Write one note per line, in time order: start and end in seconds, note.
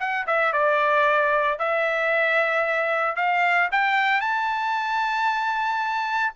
0.00 0.27 F#5
0.27 0.53 E5
0.53 1.59 D5
1.59 3.16 E5
3.16 3.70 F5
3.72 4.21 G5
4.21 6.34 A5